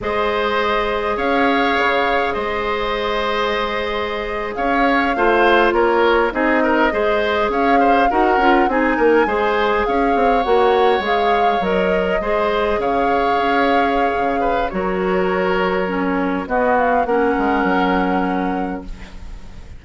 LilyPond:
<<
  \new Staff \with { instrumentName = "flute" } { \time 4/4 \tempo 4 = 102 dis''2 f''2 | dis''2.~ dis''8. f''16~ | f''4.~ f''16 cis''4 dis''4~ dis''16~ | dis''8. f''4 fis''4 gis''4~ gis''16~ |
gis''8. f''4 fis''4 f''4 dis''16~ | dis''4.~ dis''16 f''2~ f''16~ | f''4 cis''2. | dis''8 f''8 fis''2. | }
  \new Staff \with { instrumentName = "oboe" } { \time 4/4 c''2 cis''2 | c''2.~ c''8. cis''16~ | cis''8. c''4 ais'4 gis'8 ais'8 c''16~ | c''8. cis''8 c''8 ais'4 gis'8 ais'8 c''16~ |
c''8. cis''2.~ cis''16~ | cis''8. c''4 cis''2~ cis''16~ | cis''8 b'8 ais'2. | fis'4 ais'2. | }
  \new Staff \with { instrumentName = "clarinet" } { \time 4/4 gis'1~ | gis'1~ | gis'8. f'2 dis'4 gis'16~ | gis'4.~ gis'16 fis'8 f'8 dis'4 gis'16~ |
gis'4.~ gis'16 fis'4 gis'4 ais'16~ | ais'8. gis'2.~ gis'16~ | gis'4 fis'2 cis'4 | b4 cis'2. | }
  \new Staff \with { instrumentName = "bassoon" } { \time 4/4 gis2 cis'4 cis4 | gis2.~ gis8. cis'16~ | cis'8. a4 ais4 c'4 gis16~ | gis8. cis'4 dis'8 cis'8 c'8 ais8 gis16~ |
gis8. cis'8 c'8 ais4 gis4 fis16~ | fis8. gis4 cis4 cis'4~ cis'16 | cis4 fis2. | b4 ais8 gis8 fis2 | }
>>